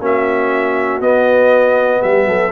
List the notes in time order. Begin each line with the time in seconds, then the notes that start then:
0.00 A#3 C#4 F#4 E5
1.01 B3 D#5
2.01 G3 G4 E5
2.27 F#3 A4